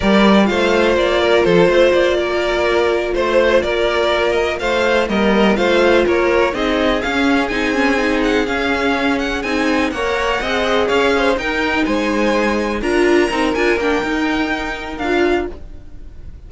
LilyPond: <<
  \new Staff \with { instrumentName = "violin" } { \time 4/4 \tempo 4 = 124 d''4 f''4 d''4 c''4 | d''2~ d''8 c''4 d''8~ | d''4 dis''8 f''4 dis''4 f''8~ | f''8 cis''4 dis''4 f''4 gis''8~ |
gis''4 fis''8 f''4. fis''8 gis''8~ | gis''8 fis''2 f''4 g''8~ | g''8 gis''2 ais''4. | gis''8 g''2~ g''8 f''4 | }
  \new Staff \with { instrumentName = "violin" } { \time 4/4 ais'4 c''4. ais'8 a'8 c''8~ | c''8 ais'2 c''4 ais'8~ | ais'4. c''4 ais'4 c''8~ | c''8 ais'4 gis'2~ gis'8~ |
gis'1~ | gis'8 cis''4 dis''4 cis''8 c''8 ais'8~ | ais'8 c''2 ais'4.~ | ais'1 | }
  \new Staff \with { instrumentName = "viola" } { \time 4/4 g'4 f'2.~ | f'1~ | f'2~ f'8 ais4 f'8~ | f'4. dis'4 cis'4 dis'8 |
cis'8 dis'4 cis'2 dis'8~ | dis'8 ais'4 gis'2 dis'8~ | dis'2~ dis'8 f'4 dis'8 | f'8 d'8 dis'2 f'4 | }
  \new Staff \with { instrumentName = "cello" } { \time 4/4 g4 a4 ais4 f8 a8 | ais2~ ais8 a4 ais8~ | ais4. a4 g4 a8~ | a8 ais4 c'4 cis'4 c'8~ |
c'4. cis'2 c'8~ | c'8 ais4 c'4 cis'4 dis'8~ | dis'8 gis2 d'4 c'8 | d'8 ais8 dis'2 d'4 | }
>>